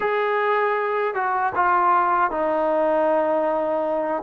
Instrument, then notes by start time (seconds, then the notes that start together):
trombone
0.00 G#4
1.14 F#4
1.55 F4
2.30 D#4